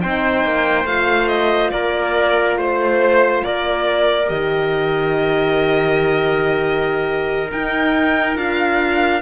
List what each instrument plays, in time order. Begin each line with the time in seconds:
0.00 cello C4, horn D#4, trumpet C5, violin G5
0.45 cello A#3
0.85 cello A3, horn F4, violin F5
1.28 violin D#5
1.71 cello A#3, trumpet A#4, violin D5
2.57 cello A3, trumpet C5, violin C5
3.44 cello A#3, trumpet A#4, violin D5
4.27 cello D#3, horn G4, violin D#5
7.51 cello D#4, horn D#4, violin G5
8.36 cello D4, horn F4, violin F5